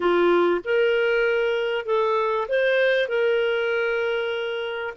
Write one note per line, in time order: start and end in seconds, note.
0.00 0.61 F4
0.64 1.85 A#4
1.85 2.47 A4
2.48 3.08 C5
3.08 4.93 A#4